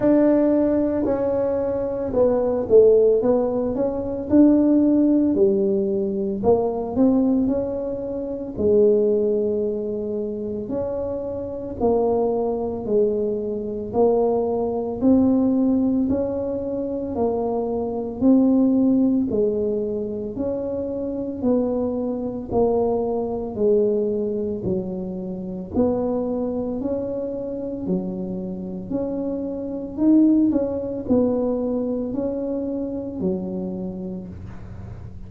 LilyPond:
\new Staff \with { instrumentName = "tuba" } { \time 4/4 \tempo 4 = 56 d'4 cis'4 b8 a8 b8 cis'8 | d'4 g4 ais8 c'8 cis'4 | gis2 cis'4 ais4 | gis4 ais4 c'4 cis'4 |
ais4 c'4 gis4 cis'4 | b4 ais4 gis4 fis4 | b4 cis'4 fis4 cis'4 | dis'8 cis'8 b4 cis'4 fis4 | }